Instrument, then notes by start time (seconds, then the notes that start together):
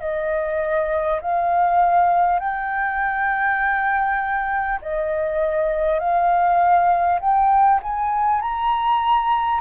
flute
0.00 D#5
1.21 F5
2.39 G5
4.82 D#5
5.99 F5
7.20 G5
7.82 G#5
8.41 A#5